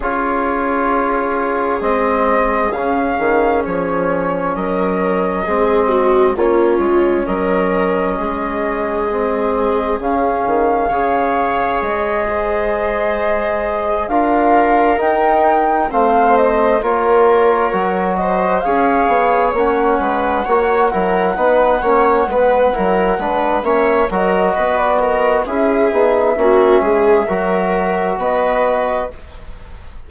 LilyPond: <<
  \new Staff \with { instrumentName = "flute" } { \time 4/4 \tempo 4 = 66 cis''2 dis''4 f''4 | cis''4 dis''2 cis''4 | dis''2. f''4~ | f''4 dis''2~ dis''8 f''8~ |
f''8 g''4 f''8 dis''8 cis''4. | dis''8 f''4 fis''2~ fis''8~ | fis''2 e''8 dis''8. d''16 dis''8 | e''2. dis''4 | }
  \new Staff \with { instrumentName = "viola" } { \time 4/4 gis'1~ | gis'4 ais'4 gis'8 fis'8 f'4 | ais'4 gis'2. | cis''4. c''2 ais'8~ |
ais'4. c''4 ais'4. | c''8 cis''4. b'8 cis''8 ais'8 b'8 | cis''8 b'8 ais'8 b'8 cis''8 ais'8 b'8 ais'8 | gis'4 fis'8 gis'8 ais'4 b'4 | }
  \new Staff \with { instrumentName = "trombone" } { \time 4/4 f'2 c'4 cis'4~ | cis'2 c'4 cis'4~ | cis'2 c'4 cis'4 | gis'2.~ gis'8 f'8~ |
f'8 dis'4 c'4 f'4 fis'8~ | fis'8 gis'4 cis'4 fis'8 e'8 dis'8 | cis'8 b8 e'8 d'8 cis'8 fis'4. | e'8 dis'8 cis'4 fis'2 | }
  \new Staff \with { instrumentName = "bassoon" } { \time 4/4 cis'2 gis4 cis8 dis8 | f4 fis4 gis4 ais8 gis8 | fis4 gis2 cis8 dis8 | cis4 gis2~ gis8 d'8~ |
d'8 dis'4 a4 ais4 fis8~ | fis8 cis'8 b8 ais8 gis8 ais8 fis8 b8 | ais8 gis8 fis8 gis8 ais8 fis8 b4 | cis'8 b8 ais8 gis8 fis4 b4 | }
>>